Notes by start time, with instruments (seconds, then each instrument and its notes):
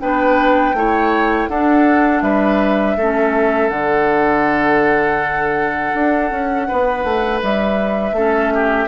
0.00 bassoon B3, clarinet D4, oboe B4, flute G5
0.73 bassoon A3, clarinet E4, oboe C#5
1.48 bassoon D4, clarinet D4, oboe A4, flute F#5
2.22 bassoon G3, oboe B4, flute E5
2.97 bassoon A3, clarinet C#4, oboe A4
3.69 bassoon D3, clarinet D4, flute F#5
5.94 bassoon D4
6.31 bassoon C#4
6.68 bassoon B3, oboe B4
7.04 bassoon A3
7.42 bassoon G3, flute E5
8.12 bassoon A3, clarinet C#4, oboe A4
8.54 oboe G4